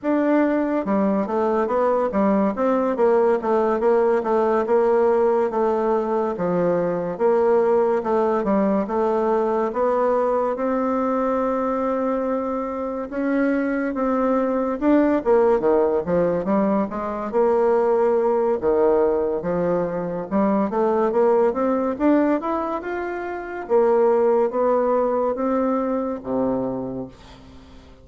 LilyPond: \new Staff \with { instrumentName = "bassoon" } { \time 4/4 \tempo 4 = 71 d'4 g8 a8 b8 g8 c'8 ais8 | a8 ais8 a8 ais4 a4 f8~ | f8 ais4 a8 g8 a4 b8~ | b8 c'2. cis'8~ |
cis'8 c'4 d'8 ais8 dis8 f8 g8 | gis8 ais4. dis4 f4 | g8 a8 ais8 c'8 d'8 e'8 f'4 | ais4 b4 c'4 c4 | }